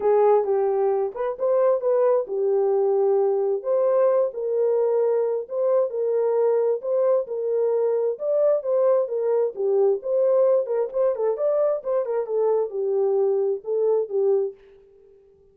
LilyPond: \new Staff \with { instrumentName = "horn" } { \time 4/4 \tempo 4 = 132 gis'4 g'4. b'8 c''4 | b'4 g'2. | c''4. ais'2~ ais'8 | c''4 ais'2 c''4 |
ais'2 d''4 c''4 | ais'4 g'4 c''4. ais'8 | c''8 a'8 d''4 c''8 ais'8 a'4 | g'2 a'4 g'4 | }